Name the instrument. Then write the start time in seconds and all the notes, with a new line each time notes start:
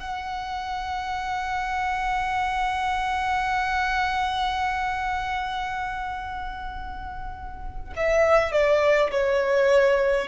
violin
0.00 F#5
7.96 E5
8.52 D5
9.11 C#5